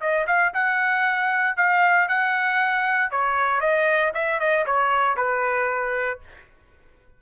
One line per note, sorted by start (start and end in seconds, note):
0.00 0.26 D#5
0.27 0.53 F5
0.53 1.56 F#5
1.56 2.08 F5
2.08 3.11 F#5
3.11 3.60 C#5
3.60 4.12 D#5
4.14 4.39 E5
4.39 4.65 D#5
4.65 5.16 C#5
5.16 6.20 B4